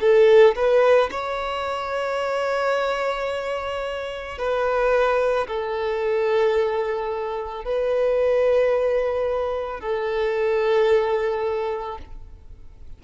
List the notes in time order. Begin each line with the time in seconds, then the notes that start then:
0.00 A4
0.55 B4
1.11 C#5
4.38 B4
5.47 A4
7.64 B4
9.80 A4